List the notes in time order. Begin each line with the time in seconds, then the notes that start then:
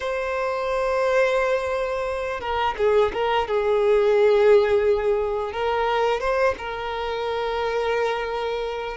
0.00 C5
2.40 A#4
2.77 G#4
3.13 A#4
3.47 G#4
5.52 A#4
6.20 C5
6.57 A#4